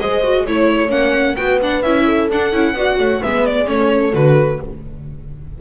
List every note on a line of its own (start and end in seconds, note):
0.00 0.46 G#3
0.00 0.24 G#4
0.00 0.44 C5
0.00 0.46 D#5
0.24 0.47 F#4
0.44 0.90 A3
0.44 0.89 E4
0.44 1.36 C#5
0.44 0.91 C#5
0.89 1.36 A#3
0.89 1.35 C#4
0.89 1.36 F#5
1.36 1.83 B3
1.36 1.61 F#4
1.36 2.05 B4
1.36 1.59 G5
1.62 1.85 D4
1.62 1.82 F#5
1.82 2.30 C#4
1.82 2.31 E4
1.82 2.29 E5
2.05 2.74 A4
2.31 2.53 D4
2.31 2.52 D4
2.31 3.23 F#5
2.52 2.74 C#4
2.52 2.75 E4
2.74 2.97 B3
2.74 3.22 F#4
2.74 2.99 D5
2.99 3.22 A3
2.99 3.20 C#5
3.20 3.68 G#3
3.20 3.65 B3
3.20 3.67 B4
3.20 3.46 E5
3.46 3.69 D5
3.65 4.14 A3
3.65 4.11 C#4
3.65 4.61 A4
3.65 4.15 C#5
4.13 4.60 D3
4.13 4.59 F#4
4.13 4.61 B4